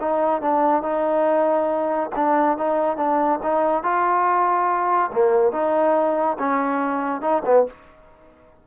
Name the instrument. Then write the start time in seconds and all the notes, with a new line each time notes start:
trombone
0.00 D#4
0.42 D4
0.82 D#4
2.16 D4
2.58 D#4
2.97 D4
3.43 D#4
3.83 F4
5.13 A#3
5.52 D#4
6.39 C#4
7.21 D#4
7.45 B3